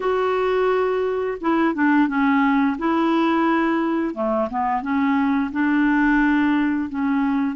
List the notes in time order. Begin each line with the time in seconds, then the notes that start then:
0.00 F#4
1.40 E4
1.74 D4
2.08 C#4
2.78 E4
4.14 A3
4.50 B3
4.82 C#4
5.51 D4
6.89 C#4